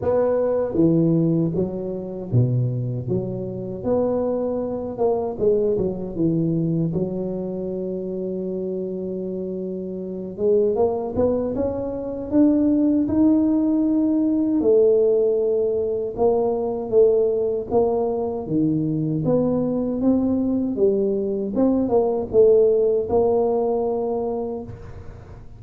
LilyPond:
\new Staff \with { instrumentName = "tuba" } { \time 4/4 \tempo 4 = 78 b4 e4 fis4 b,4 | fis4 b4. ais8 gis8 fis8 | e4 fis2.~ | fis4. gis8 ais8 b8 cis'4 |
d'4 dis'2 a4~ | a4 ais4 a4 ais4 | dis4 b4 c'4 g4 | c'8 ais8 a4 ais2 | }